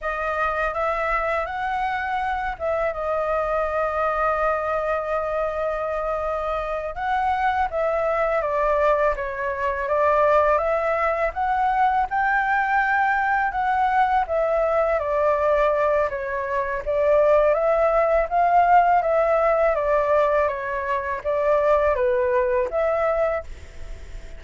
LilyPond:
\new Staff \with { instrumentName = "flute" } { \time 4/4 \tempo 4 = 82 dis''4 e''4 fis''4. e''8 | dis''1~ | dis''4. fis''4 e''4 d''8~ | d''8 cis''4 d''4 e''4 fis''8~ |
fis''8 g''2 fis''4 e''8~ | e''8 d''4. cis''4 d''4 | e''4 f''4 e''4 d''4 | cis''4 d''4 b'4 e''4 | }